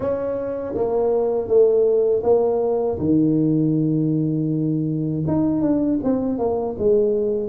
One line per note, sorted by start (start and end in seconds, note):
0.00 0.74 C#4
0.74 1.47 A#3
1.47 2.22 A3
2.23 2.98 A#3
2.99 5.24 D#3
5.27 5.61 D#4
5.61 5.99 D4
6.03 6.38 C4
6.38 6.75 A#3
6.78 7.49 G#3